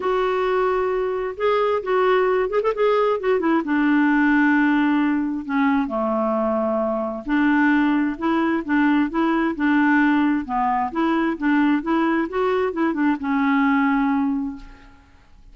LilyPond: \new Staff \with { instrumentName = "clarinet" } { \time 4/4 \tempo 4 = 132 fis'2. gis'4 | fis'4. gis'16 a'16 gis'4 fis'8 e'8 | d'1 | cis'4 a2. |
d'2 e'4 d'4 | e'4 d'2 b4 | e'4 d'4 e'4 fis'4 | e'8 d'8 cis'2. | }